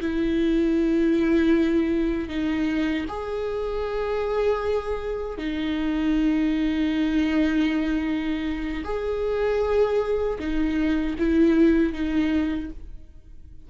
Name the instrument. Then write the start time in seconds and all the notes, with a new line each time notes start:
viola
0.00 E4
2.28 D#4
3.08 G#4
5.37 D#4
8.84 G#4
10.38 D#4
11.18 E4
11.93 D#4